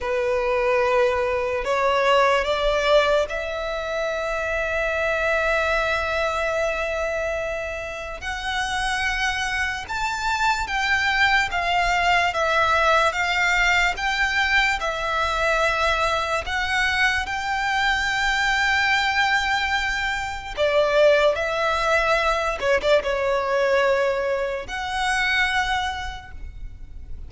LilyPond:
\new Staff \with { instrumentName = "violin" } { \time 4/4 \tempo 4 = 73 b'2 cis''4 d''4 | e''1~ | e''2 fis''2 | a''4 g''4 f''4 e''4 |
f''4 g''4 e''2 | fis''4 g''2.~ | g''4 d''4 e''4. cis''16 d''16 | cis''2 fis''2 | }